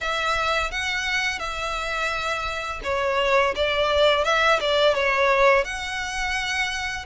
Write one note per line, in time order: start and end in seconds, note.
0.00 0.71 E5
0.71 1.39 F#5
1.39 2.80 E5
2.83 3.54 C#5
3.55 4.24 D5
4.24 4.59 E5
4.59 4.94 D5
4.94 5.64 C#5
5.64 7.05 F#5